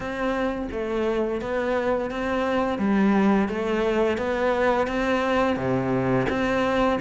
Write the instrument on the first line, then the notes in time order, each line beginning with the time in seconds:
cello
0.00 C4
0.71 A3
1.41 B3
2.11 C4
2.78 G3
3.48 A3
4.17 B3
4.87 C4
5.56 C3
6.29 C4